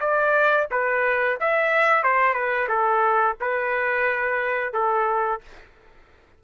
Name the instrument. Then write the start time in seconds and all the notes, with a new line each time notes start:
trumpet
0.00 D5
0.71 B4
1.40 E5
2.03 C5
2.34 B4
2.69 A4
3.40 B4
4.73 A4